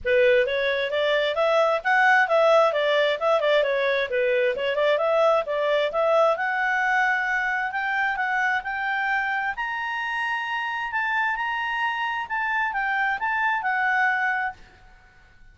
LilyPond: \new Staff \with { instrumentName = "clarinet" } { \time 4/4 \tempo 4 = 132 b'4 cis''4 d''4 e''4 | fis''4 e''4 d''4 e''8 d''8 | cis''4 b'4 cis''8 d''8 e''4 | d''4 e''4 fis''2~ |
fis''4 g''4 fis''4 g''4~ | g''4 ais''2. | a''4 ais''2 a''4 | g''4 a''4 fis''2 | }